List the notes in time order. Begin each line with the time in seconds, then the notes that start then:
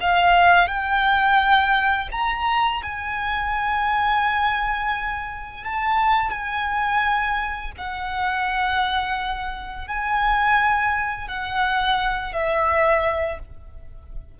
0.00 F5
0.67 G5
2.11 A#5
2.82 G#5
5.64 A5
6.30 G#5
7.77 F#5
9.88 G#5
11.27 F#5
12.33 E5